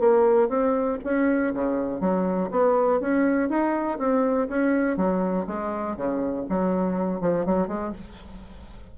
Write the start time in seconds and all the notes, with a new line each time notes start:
0.00 A#3
0.49 C4
1.04 C#4
1.54 C#3
2.01 F#3
2.51 B3
3.01 C#4
3.50 D#4
3.99 C4
4.49 C#4
4.97 F#3
5.47 G#3
5.96 C#3
6.49 F#3
7.21 F3
7.46 F#3
7.68 G#3